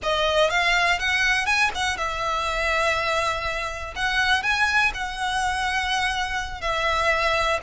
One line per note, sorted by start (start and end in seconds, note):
0.02 0.50 D#5
0.50 0.99 F5
0.99 1.46 F#5
1.46 1.70 G#5
1.74 1.97 F#5
1.97 3.93 E5
3.95 4.42 F#5
4.42 4.91 G#5
4.94 6.61 F#5
6.61 7.59 E5